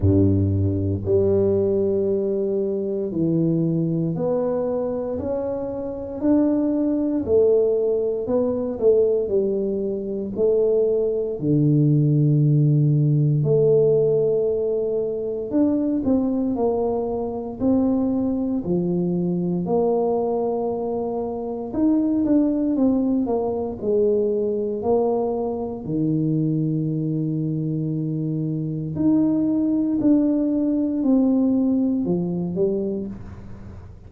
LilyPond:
\new Staff \with { instrumentName = "tuba" } { \time 4/4 \tempo 4 = 58 g,4 g2 e4 | b4 cis'4 d'4 a4 | b8 a8 g4 a4 d4~ | d4 a2 d'8 c'8 |
ais4 c'4 f4 ais4~ | ais4 dis'8 d'8 c'8 ais8 gis4 | ais4 dis2. | dis'4 d'4 c'4 f8 g8 | }